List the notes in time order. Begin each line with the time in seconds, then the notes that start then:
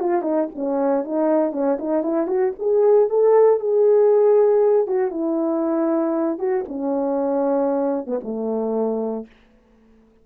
0.00 F4
0.22 D#4
0.55 C#4
1.04 D#4
1.53 C#4
1.79 D#4
2.03 E4
2.28 F#4
2.59 G#4
3.10 A4
3.60 G#4
4.88 F#4
5.11 E4
6.39 F#4
6.69 C#4
8.07 B3
8.24 A3